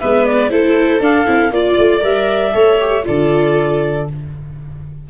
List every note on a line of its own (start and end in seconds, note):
0.00 0.51 G#3
0.00 0.50 B3
0.00 0.51 B4
0.00 0.25 E5
0.25 0.50 D5
0.50 1.00 A3
0.50 1.01 E4
0.50 1.54 A4
0.50 1.01 C5
1.00 1.25 D4
1.00 1.26 D4
1.00 1.53 F5
1.26 1.51 C4
1.26 1.51 E4
1.51 1.76 A#3
1.51 2.01 F4
1.51 2.03 D5
1.51 2.54 D5
1.78 2.03 A3
2.01 2.54 G3
2.01 2.51 A#4
2.01 3.05 E5
2.52 3.05 A3
2.52 2.78 A4
2.52 3.05 C#5
2.80 3.03 G4
3.03 4.10 D3
3.03 4.05 F4
3.03 4.09 A4
3.03 4.08 D5